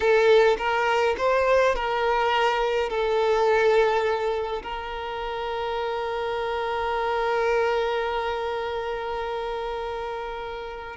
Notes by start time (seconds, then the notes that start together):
0.00 A4
0.57 A#4
1.17 C5
1.75 A#4
2.89 A4
4.62 A#4